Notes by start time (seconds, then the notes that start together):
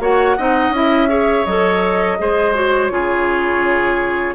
0.00 A#3 F#4 C#5 F#5
0.37 C4 D#4 D#5
0.70 C#4 E4
0.76 E5
1.09 G#4 C#5
1.45 F#3 A4 D#5
2.19 G#3 G#4 C5
2.55 F#4 C#5
2.91 C#3 F4 G#4